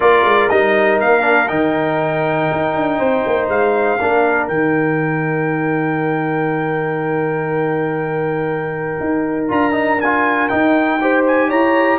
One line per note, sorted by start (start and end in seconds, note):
0.00 0.23 A#3
0.00 0.49 F4
0.00 2.98 A#4
0.00 0.49 D5
0.23 0.48 G#3
0.49 1.00 G3
0.49 1.20 D#4
0.49 0.99 D#5
1.00 1.50 A#3
1.00 1.48 F5
1.20 1.45 D4
1.48 2.50 D#3
1.48 3.98 D#4
1.48 3.48 G5
2.51 2.75 D#4
2.75 2.99 D4
2.98 3.24 C4
2.98 3.98 C5
3.26 3.48 A#3
3.48 3.98 G#3
3.48 4.47 F5
3.99 4.48 A#3
3.99 4.49 D4
3.99 10.99 A#4
4.47 8.98 D#3
4.47 9.48 D#4
4.47 9.47 G5
9.00 9.50 D#4
9.48 10.50 D4
9.48 9.72 F4
9.48 10.00 A#5
9.72 9.97 D#4
10.00 10.49 F4
10.00 10.48 G#5
10.48 10.99 D#4
10.48 11.51 D#4
10.48 11.23 G5
11.01 11.98 G4
11.01 11.48 C5
11.27 11.50 G#5
11.48 11.98 E4
11.48 11.98 C#5
11.48 11.98 A#5